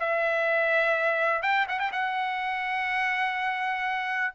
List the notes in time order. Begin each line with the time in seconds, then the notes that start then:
0.00 E5
1.43 G5
1.69 F#5
1.80 G5
1.92 F#5